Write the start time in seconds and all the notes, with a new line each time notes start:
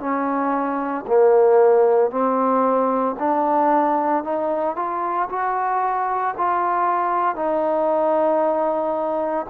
0.00 C#4
1.08 A#3
2.11 C4
3.20 D4
4.24 D#4
4.76 F4
5.30 F#4
6.38 F4
7.36 D#4